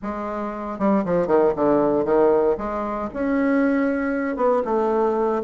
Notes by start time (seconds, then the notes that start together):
0.02 G#3
0.78 G3
1.04 F3
1.27 D#3
1.55 D3
2.04 D#3
2.57 G#3
3.13 C#4
4.36 B3
4.65 A3